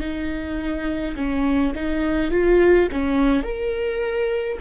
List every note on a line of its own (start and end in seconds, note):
0.00 1.15 D#4
1.15 1.73 C#4
1.75 2.31 D#4
2.31 2.88 F4
2.92 3.42 C#4
3.42 4.58 A#4